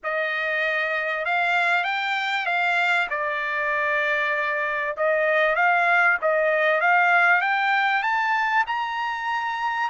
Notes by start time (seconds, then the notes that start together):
0.03 D#5
1.25 F5
1.84 G5
2.45 F5
3.10 D5
4.96 D#5
5.55 F5
6.21 D#5
6.80 F5
7.41 G5
8.02 A5
8.66 A#5